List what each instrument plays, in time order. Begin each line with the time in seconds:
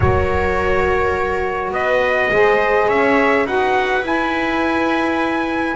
0.00 double bass F#3, saxophone F#4, viola A#4, trumpet C#5
1.71 double bass B3, viola B4, trumpet D#5
2.30 double bass G#3, saxophone G#4, viola C5
2.87 double bass C#4, viola C#5, trumpet E5
3.45 double bass D#4, saxophone F#4, viola B4, trumpet F#5
4.01 double bass E4, saxophone E4, trumpet G#5